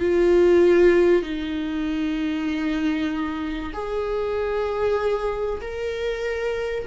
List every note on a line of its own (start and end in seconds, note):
0.00 1.23 F4
1.23 3.73 D#4
3.74 5.61 G#4
5.61 6.86 A#4